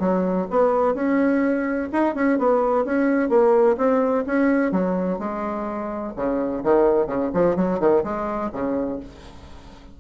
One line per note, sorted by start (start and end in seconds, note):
0.00 0.47 F#3
0.51 0.95 B3
0.95 1.89 C#4
1.93 2.15 D#4
2.15 2.39 C#4
2.39 2.85 B3
2.85 3.30 C#4
3.30 3.77 A#3
3.78 4.25 C4
4.27 4.72 C#4
4.72 5.19 F#3
5.19 6.14 G#3
6.16 6.63 C#3
6.64 7.07 D#3
7.07 7.31 C#3
7.34 7.56 F3
7.56 7.80 F#3
7.80 8.04 D#3
8.04 8.51 G#3
8.53 9.00 C#3